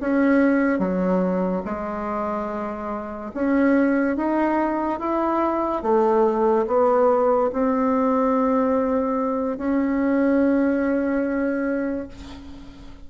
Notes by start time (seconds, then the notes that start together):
0.00 C#4
0.79 F#3
1.65 G#3
3.34 C#4
4.16 D#4
4.99 E4
5.83 A3
6.67 B3
7.53 C4
9.58 C#4